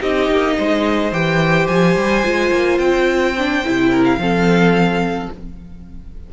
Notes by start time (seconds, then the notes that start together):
0.00 C4 D#4 G4 D#5
0.30 A#3
0.56 G#3 C5
1.11 E3 G4 G5
1.67 F3 G#5
1.96 G3
2.23 G#3 F4
2.50 A#3
2.78 C4 G5
3.38 D4
3.64 C3 E4
3.91 A#4
4.04 F5
4.17 F3 C4 A4